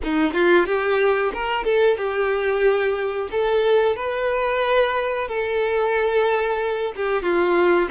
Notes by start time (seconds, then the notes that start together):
0.03 D#4
0.33 F4
0.66 G4
1.33 A#4
1.64 A4
1.97 G4
3.31 A4
3.96 B4
5.27 A4
6.96 G4
7.22 F4